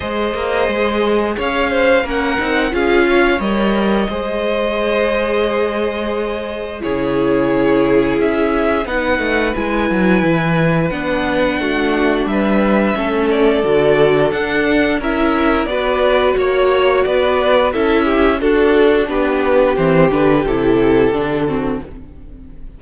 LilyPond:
<<
  \new Staff \with { instrumentName = "violin" } { \time 4/4 \tempo 4 = 88 dis''2 f''4 fis''4 | f''4 dis''2.~ | dis''2 cis''2 | e''4 fis''4 gis''2 |
fis''2 e''4. d''8~ | d''4 fis''4 e''4 d''4 | cis''4 d''4 e''4 a'4 | b'4 c''8 b'8 a'2 | }
  \new Staff \with { instrumentName = "violin" } { \time 4/4 c''2 cis''8 c''8 ais'4 | gis'8 cis''4. c''2~ | c''2 gis'2~ | gis'4 b'2.~ |
b'4 fis'4 b'4 a'4~ | a'2 ais'4 b'4 | cis''4 b'4 a'8 g'8 fis'4 | g'2.~ g'8 fis'8 | }
  \new Staff \with { instrumentName = "viola" } { \time 4/4 gis'2. cis'8 dis'8 | f'4 ais'4 gis'2~ | gis'2 e'2~ | e'4 dis'4 e'2 |
d'2. cis'4 | fis'4 d'4 e'4 fis'4~ | fis'2 e'4 d'4~ | d'4 c'8 d'8 e'4 d'8 c'8 | }
  \new Staff \with { instrumentName = "cello" } { \time 4/4 gis8 ais8 gis4 cis'4 ais8 c'8 | cis'4 g4 gis2~ | gis2 cis2 | cis'4 b8 a8 gis8 fis8 e4 |
b4 a4 g4 a4 | d4 d'4 cis'4 b4 | ais4 b4 cis'4 d'4 | b4 e8 d8 c4 d4 | }
>>